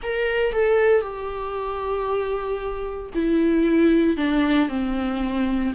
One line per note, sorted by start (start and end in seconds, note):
0.03 0.52 A#4
0.52 1.01 A4
1.01 3.10 G4
3.14 4.16 E4
4.16 4.68 D4
4.68 5.73 C4